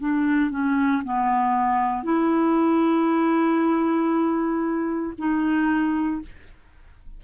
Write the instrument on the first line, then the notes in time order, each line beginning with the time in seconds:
clarinet
0.00 D4
0.50 C#4
1.04 B3
2.03 E4
5.18 D#4